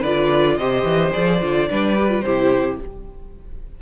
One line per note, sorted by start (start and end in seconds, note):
0.00 0.58 D3
0.00 0.60 F4
0.00 0.55 B4
0.00 0.57 D5
0.57 0.83 C3
0.57 1.12 G4
0.57 1.69 C5
0.57 1.12 D#5
0.83 1.11 E3
1.12 1.42 F3
1.12 1.39 G#4
1.12 2.21 D5
1.41 1.69 D3
1.41 1.69 F4
1.69 2.22 G3
1.69 1.96 D4
1.69 2.24 B4
1.98 2.09 G4
2.09 2.22 F4
2.21 2.77 C3
2.21 2.81 E4
2.21 2.79 G4
2.21 2.76 C5